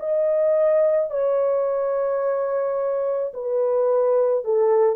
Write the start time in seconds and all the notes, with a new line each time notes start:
0.00 D#5
1.11 C#5
3.34 B4
4.44 A4